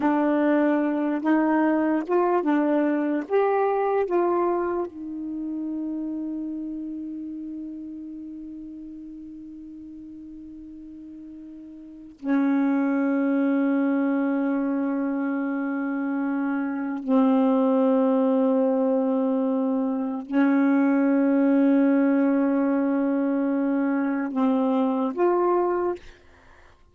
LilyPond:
\new Staff \with { instrumentName = "saxophone" } { \time 4/4 \tempo 4 = 74 d'4. dis'4 f'8 d'4 | g'4 f'4 dis'2~ | dis'1~ | dis'2. cis'4~ |
cis'1~ | cis'4 c'2.~ | c'4 cis'2.~ | cis'2 c'4 f'4 | }